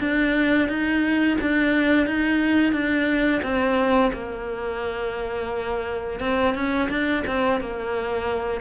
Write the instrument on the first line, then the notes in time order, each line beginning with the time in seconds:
cello
0.00 D4
0.69 D#4
1.41 D4
2.07 D#4
2.72 D4
3.43 C4
4.13 A#3
6.20 C4
6.55 C#4
6.89 D4
7.27 C4
7.61 A#3